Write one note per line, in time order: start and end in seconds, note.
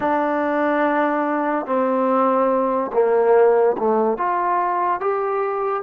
0.00 1.66 D4
1.66 2.91 C4
2.92 3.76 A#3
3.77 4.17 A3
4.17 5.00 F4
5.00 5.82 G4